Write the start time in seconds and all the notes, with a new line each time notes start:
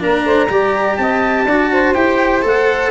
0.00 A#3 D4 A#4 A#5
0.25 A3 C5
0.50 G3 G4 D5
0.97 C4 D#5 A5
1.45 D4 F#4 D5
1.72 C5
1.94 E4 G4 G5
2.43 A3 A4 F#5